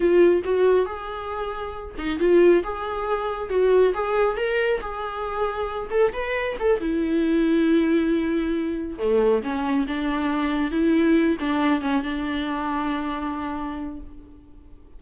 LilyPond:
\new Staff \with { instrumentName = "viola" } { \time 4/4 \tempo 4 = 137 f'4 fis'4 gis'2~ | gis'8 dis'8 f'4 gis'2 | fis'4 gis'4 ais'4 gis'4~ | gis'4. a'8 b'4 a'8 e'8~ |
e'1~ | e'8 a4 cis'4 d'4.~ | d'8 e'4. d'4 cis'8 d'8~ | d'1 | }